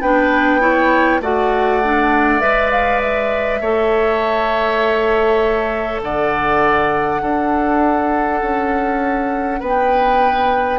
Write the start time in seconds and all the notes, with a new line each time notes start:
0.00 B3 D4 B4 G5
0.60 E4 C#5
1.20 A3 F#4 D5 F#5
1.83 D4
2.40 G#3 B4 E5
2.71 F5
3.01 E5
3.60 A3 A4 C#5
6.02 D3 D5 F#5
7.21 D4 A4
8.41 C#4
9.59 B3 B4 G5